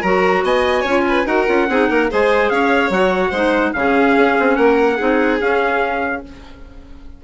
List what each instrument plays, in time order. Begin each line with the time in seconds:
0.00 bassoon F#3, clarinet F#4, violin A#4, trumpet A#5
0.43 bassoon B3, violin D#5, trumpet G#5
0.81 bassoon C#4, violin C#5
0.87 clarinet F4
1.08 violin B4
1.25 bassoon D#4, clarinet F#4, violin A#4, trumpet F#5
1.46 bassoon C#4, clarinet F4
1.68 bassoon C4, clarinet D#4, violin G#4
1.89 bassoon A#3, violin A#4
2.09 bassoon G#3, clarinet G#4, violin C5, trumpet G#5
2.49 bassoon C#4, violin C#5, trumpet F5
2.89 bassoon F#3, clarinet F#4, trumpet F#5
3.30 bassoon G#3, clarinet D#4, violin C5
3.73 bassoon C#3, clarinet C#4, violin G#4, trumpet F5
4.17 bassoon C#4
4.39 bassoon C4
4.55 bassoon A#3, violin A#4, trumpet F#5
4.96 bassoon C4, clarinet D#4, violin G#4
5.40 bassoon C#4, clarinet C#4, trumpet F5